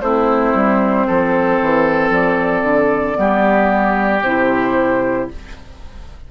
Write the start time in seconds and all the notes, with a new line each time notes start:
0.00 A3 C4 E4 C5
0.54 G3
1.07 F3 A4
1.61 E3
2.09 F3 D5
2.62 D3
3.14 G3 B3 G4
4.22 C3 E4 C5